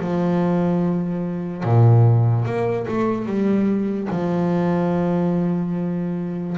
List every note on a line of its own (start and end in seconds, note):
0.00 1.64 F3
1.64 2.45 A#2
2.45 2.87 A#3
2.88 3.26 A3
3.26 4.08 G3
4.11 6.57 F3